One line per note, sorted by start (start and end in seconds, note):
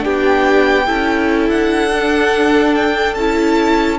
0.00 0.88 B3
0.00 0.83 D4
0.00 0.86 G4
0.00 1.49 G5
0.86 1.49 C#4
0.86 1.90 E4
0.86 3.99 A4
1.49 3.16 D4
1.49 2.74 F#5
1.91 3.16 D4
2.74 3.14 G5
3.14 3.99 C#4
3.14 3.99 E4
3.14 3.97 A5